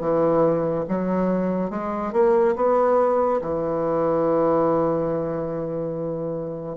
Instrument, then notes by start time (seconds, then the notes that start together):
bassoon
0.00 E3
0.89 F#3
1.70 G#3
2.13 A#3
2.56 B3
3.41 E3